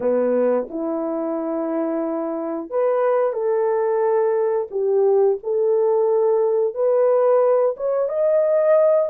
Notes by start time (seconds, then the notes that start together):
0.00 B3
0.69 E4
2.70 B4
3.32 A4
4.70 G4
5.43 A4
6.74 B4
7.77 C#5
8.08 D#5